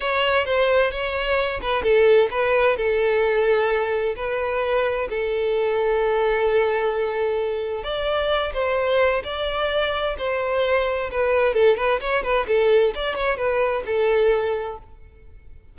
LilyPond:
\new Staff \with { instrumentName = "violin" } { \time 4/4 \tempo 4 = 130 cis''4 c''4 cis''4. b'8 | a'4 b'4 a'2~ | a'4 b'2 a'4~ | a'1~ |
a'4 d''4. c''4. | d''2 c''2 | b'4 a'8 b'8 cis''8 b'8 a'4 | d''8 cis''8 b'4 a'2 | }